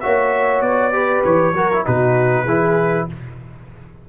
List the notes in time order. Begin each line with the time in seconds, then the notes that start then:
0.00 A#3 F#4 C#5 E5
0.60 B3 D5
0.92 G4 B4
1.24 E3 C#5
1.53 F#3 F#4 A#4
1.72 E4
1.84 B2 D#4 F#4 B4
2.44 E3 E4 G#4